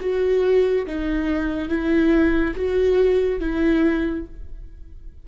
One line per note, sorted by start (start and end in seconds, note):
0.00 0.86 F#4
0.86 1.68 D#4
1.68 2.54 E4
2.56 3.40 F#4
3.40 4.25 E4